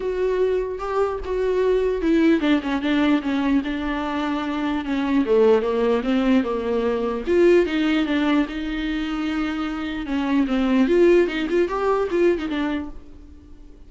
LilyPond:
\new Staff \with { instrumentName = "viola" } { \time 4/4 \tempo 4 = 149 fis'2 g'4 fis'4~ | fis'4 e'4 d'8 cis'8 d'4 | cis'4 d'2. | cis'4 a4 ais4 c'4 |
ais2 f'4 dis'4 | d'4 dis'2.~ | dis'4 cis'4 c'4 f'4 | dis'8 f'8 g'4 f'8. dis'16 d'4 | }